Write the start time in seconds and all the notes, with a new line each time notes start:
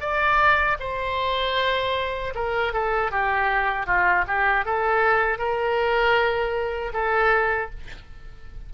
0.00 D5
0.79 C5
2.35 A#4
2.73 A4
3.11 G4
3.86 F4
4.27 G4
4.65 A4
5.38 A#4
6.93 A4